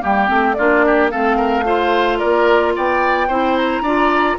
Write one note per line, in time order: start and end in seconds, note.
0.00 0.29 G3
0.00 0.27 A#3
0.00 0.56 G4
0.00 0.54 G5
0.27 0.57 A3
0.27 0.55 C4
0.54 1.13 A#3
0.54 1.11 D4
0.54 0.85 F4
0.54 1.08 D5
0.86 1.11 G4
1.10 2.22 A3
1.10 1.64 C4
1.10 1.37 A4
1.10 2.19 F5
1.37 1.64 A#4
1.64 3.28 F4
1.64 2.18 C5
2.18 2.76 A#3
2.18 2.73 A#4
2.18 2.73 D5
2.76 3.28 B3
2.76 3.28 D5
2.76 3.56 G5
3.28 3.81 C4
3.28 3.84 E4
3.28 3.82 C5
3.56 4.38 A#5
3.81 4.35 D4
3.81 4.39 F4
3.81 4.37 D5